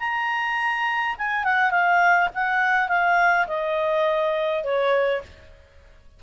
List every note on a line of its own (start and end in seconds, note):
0.00 1.17 A#5
1.18 1.44 G#5
1.44 1.71 F#5
1.71 2.29 F5
2.34 2.89 F#5
2.89 3.47 F5
3.48 4.64 D#5
4.64 5.22 C#5